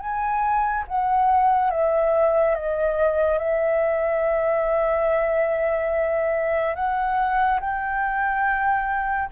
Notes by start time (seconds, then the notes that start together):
0.00 G#5
0.88 F#5
1.71 E5
2.55 D#5
3.39 E5
6.76 F#5
7.61 G5